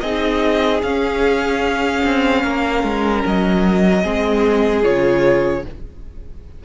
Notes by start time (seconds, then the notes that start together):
0.00 C4 D#4 G#4 D#5
0.82 C#4 F5
2.04 C4
2.42 A#3 A#4
2.83 G#3
3.26 F#3 D#5
4.02 G#3 C4 G#4
4.83 C#3 F4 C#5